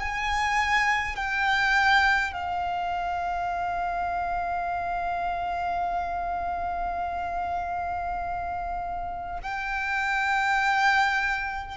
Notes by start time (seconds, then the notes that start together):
0.00 G#5
1.16 G5
2.33 F5
9.43 G5